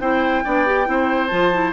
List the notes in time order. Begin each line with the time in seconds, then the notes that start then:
0.00 C4 E4 C5 G5
0.44 B3 D4 D5
0.66 G4
0.86 C4 E4 C5
1.27 F3 F4 A5
1.53 E4